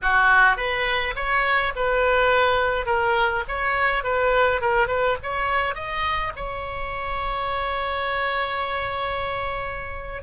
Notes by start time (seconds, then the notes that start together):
0.02 F#4
0.56 B4
1.15 C#5
1.75 B4
2.86 A#4
3.47 C#5
4.03 B4
4.61 A#4
4.87 B4
5.22 C#5
5.74 D#5
6.35 C#5